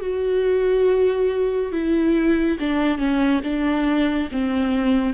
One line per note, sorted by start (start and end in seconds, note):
0.00 1.71 F#4
1.72 2.58 E4
2.59 2.98 D4
2.98 3.41 C#4
3.43 4.29 D4
4.31 5.13 C4